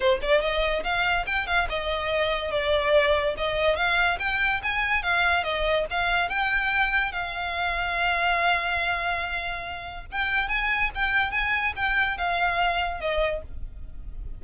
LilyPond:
\new Staff \with { instrumentName = "violin" } { \time 4/4 \tempo 4 = 143 c''8 d''8 dis''4 f''4 g''8 f''8 | dis''2 d''2 | dis''4 f''4 g''4 gis''4 | f''4 dis''4 f''4 g''4~ |
g''4 f''2.~ | f''1 | g''4 gis''4 g''4 gis''4 | g''4 f''2 dis''4 | }